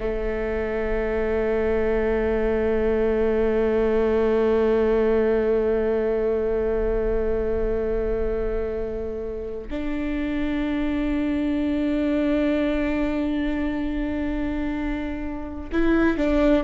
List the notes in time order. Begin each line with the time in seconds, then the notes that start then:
0.00 A3
9.70 D4
15.73 E4
16.18 D4